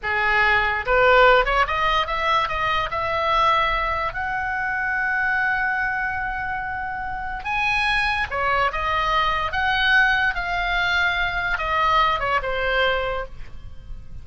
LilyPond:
\new Staff \with { instrumentName = "oboe" } { \time 4/4 \tempo 4 = 145 gis'2 b'4. cis''8 | dis''4 e''4 dis''4 e''4~ | e''2 fis''2~ | fis''1~ |
fis''2 gis''2 | cis''4 dis''2 fis''4~ | fis''4 f''2. | dis''4. cis''8 c''2 | }